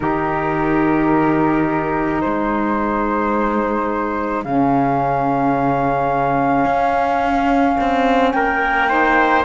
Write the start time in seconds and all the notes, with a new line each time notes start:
0.00 D#3 D#4 G4 A#4
2.21 G#3 G#4 C5
4.44 C#3 C#4 F5
6.65 C#4
7.80 C4
8.31 A#3 A#4 G5
8.88 D#4 C5